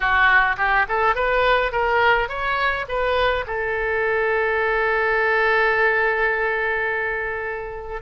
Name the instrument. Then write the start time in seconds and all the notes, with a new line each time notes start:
oboe
0.00 F#4
0.57 G4
0.88 A4
1.15 B4
1.72 A#4
2.28 C#5
2.88 B4
3.46 A4